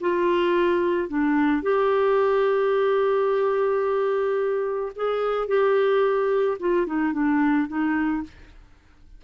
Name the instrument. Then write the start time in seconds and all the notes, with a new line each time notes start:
clarinet
0.00 F4
1.08 D4
1.62 G4
4.95 G#4
5.47 G4
6.59 F4
6.86 D#4
7.13 D4
7.68 D#4